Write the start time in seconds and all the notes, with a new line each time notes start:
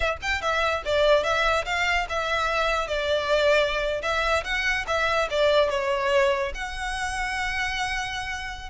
0.00 E5
0.21 G5
0.41 E5
0.85 D5
1.23 E5
1.65 F5
2.09 E5
2.87 D5
4.02 E5
4.44 F#5
4.87 E5
5.30 D5
5.69 C#5
6.54 F#5